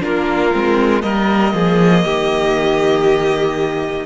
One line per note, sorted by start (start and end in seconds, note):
0.00 0.54 A#3
0.00 0.51 D4
0.00 1.03 F4
0.00 1.02 A#4
0.53 1.03 G#3
0.53 1.01 C4
1.01 1.54 G3
1.01 4.06 A#3
1.01 1.54 A#4
1.01 4.06 D#5
1.54 2.05 F3
1.54 2.05 G#4
2.05 4.06 D#3
2.05 4.06 G4